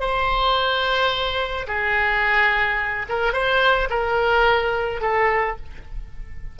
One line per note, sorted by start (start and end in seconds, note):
0.00 1.67 C5
1.67 3.06 G#4
3.09 3.33 A#4
3.33 3.88 C5
3.90 5.01 A#4
5.01 5.56 A4